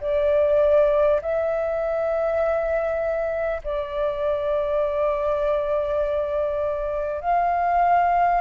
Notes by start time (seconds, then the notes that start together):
0.00 D5
1.21 E5
3.63 D5
7.21 F5